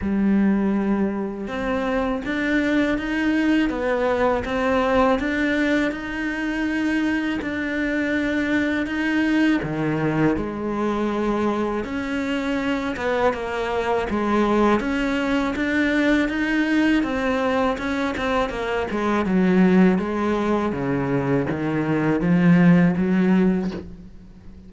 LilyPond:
\new Staff \with { instrumentName = "cello" } { \time 4/4 \tempo 4 = 81 g2 c'4 d'4 | dis'4 b4 c'4 d'4 | dis'2 d'2 | dis'4 dis4 gis2 |
cis'4. b8 ais4 gis4 | cis'4 d'4 dis'4 c'4 | cis'8 c'8 ais8 gis8 fis4 gis4 | cis4 dis4 f4 fis4 | }